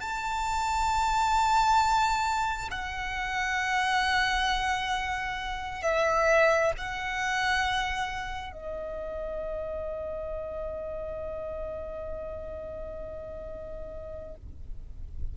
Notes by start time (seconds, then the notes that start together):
0.00 A5
2.71 F#5
5.82 E5
6.77 F#5
8.52 D#5